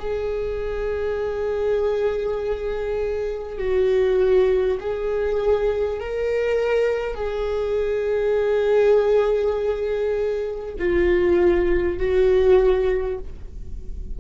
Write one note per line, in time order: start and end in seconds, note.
0.00 3.59 G#4
3.59 4.79 F#4
4.81 6.01 G#4
6.01 7.16 A#4
7.16 10.76 G#4
10.79 11.99 F4
11.99 13.19 F#4